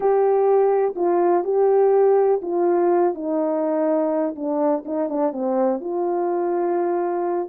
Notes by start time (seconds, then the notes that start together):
0.00 G4
0.95 F4
1.43 G4
2.41 F4
3.14 D#4
4.35 D4
4.85 D#4
5.09 D4
5.32 C4
5.80 F4